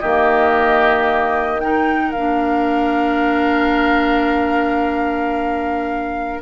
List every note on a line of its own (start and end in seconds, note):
0.00 2.16 D#3
0.00 1.62 A#3
0.00 1.62 G4
0.00 1.60 D#5
1.60 2.15 D#4
1.60 6.43 A#4
1.60 2.12 G5
2.12 6.43 A#3
2.12 6.43 D4
2.12 6.41 F5